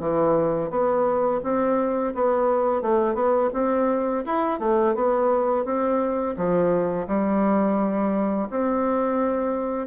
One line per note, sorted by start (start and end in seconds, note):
0.00 0.70 E3
0.70 1.41 B3
1.43 2.14 C4
2.15 2.82 B3
2.82 3.15 A3
3.15 3.50 B3
3.54 4.24 C4
4.26 4.59 E4
4.59 4.95 A3
4.95 5.65 B3
5.65 6.36 C4
6.36 7.07 F3
7.07 8.49 G3
8.50 9.87 C4